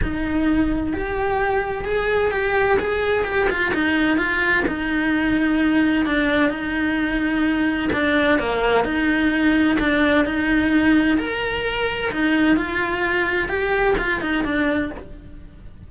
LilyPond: \new Staff \with { instrumentName = "cello" } { \time 4/4 \tempo 4 = 129 dis'2 g'2 | gis'4 g'4 gis'4 g'8 f'8 | dis'4 f'4 dis'2~ | dis'4 d'4 dis'2~ |
dis'4 d'4 ais4 dis'4~ | dis'4 d'4 dis'2 | ais'2 dis'4 f'4~ | f'4 g'4 f'8 dis'8 d'4 | }